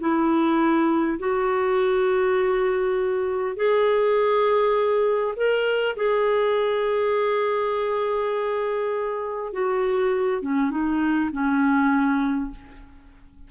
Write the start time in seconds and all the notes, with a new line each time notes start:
0.00 E4
1.19 F#4
3.56 G#4
5.37 A#4
5.97 G#4
9.53 F#4
10.42 C#4
10.71 D#4
11.32 C#4